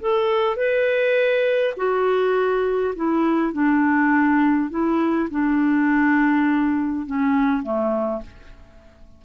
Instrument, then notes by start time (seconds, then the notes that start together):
clarinet
0.00 A4
0.56 B4
1.77 F#4
2.96 E4
3.53 D4
4.70 E4
5.30 D4
7.06 C#4
7.63 A3